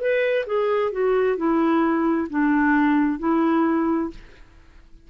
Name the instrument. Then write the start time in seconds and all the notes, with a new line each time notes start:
clarinet
0.00 B4
0.46 G#4
0.92 F#4
1.37 E4
2.30 D4
3.19 E4